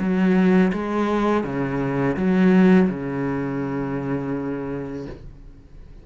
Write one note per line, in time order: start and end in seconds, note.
0.00 0.72 F#3
0.73 1.44 G#3
1.44 2.17 C#3
2.17 2.89 F#3
2.90 5.07 C#3